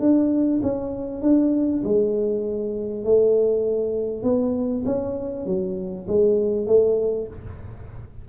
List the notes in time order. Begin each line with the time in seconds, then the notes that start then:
0.00 D4
0.63 C#4
1.22 D4
1.84 G#3
3.04 A3
4.23 B3
4.86 C#4
5.46 F#3
6.07 G#3
6.67 A3